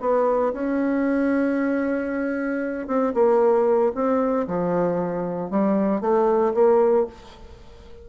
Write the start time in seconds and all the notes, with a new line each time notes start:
0.00 B3
0.53 C#4
2.87 C4
3.14 A#3
3.94 C4
4.47 F3
5.50 G3
6.00 A3
6.54 A#3